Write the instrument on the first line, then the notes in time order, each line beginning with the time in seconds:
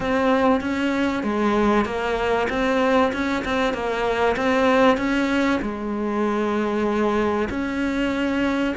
cello
0.00 C4
0.60 C#4
1.23 G#3
1.85 A#3
2.49 C4
3.12 C#4
3.44 C4
3.73 A#3
4.36 C4
4.97 C#4
5.61 G#3
7.49 C#4